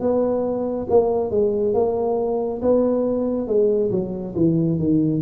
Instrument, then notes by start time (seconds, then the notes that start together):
tuba
0.00 B3
0.89 A#3
1.30 G#3
1.74 A#3
2.62 B3
3.47 G#3
3.91 F#3
4.35 E3
4.78 D#3